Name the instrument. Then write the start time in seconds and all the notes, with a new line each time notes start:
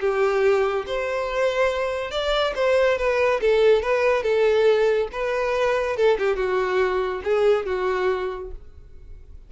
violin
0.00 G4
0.86 C5
2.11 D5
2.55 C5
2.97 B4
3.40 A4
3.82 B4
4.23 A4
5.12 B4
5.96 A4
6.19 G4
6.36 F#4
7.24 G#4
7.66 F#4